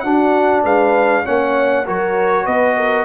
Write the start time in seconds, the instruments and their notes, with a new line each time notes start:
0.00 trombone D4, tuba D4, horn F#4, trumpet F#5
0.64 tuba G#3, horn B4, trumpet F5
1.24 tuba A#3, trombone C#4, horn C#5, trumpet F#5
1.85 tuba F#3, trombone F#4, horn A#4, trumpet C#5
2.45 tuba B3, horn B4, trumpet D#5
2.77 horn A#4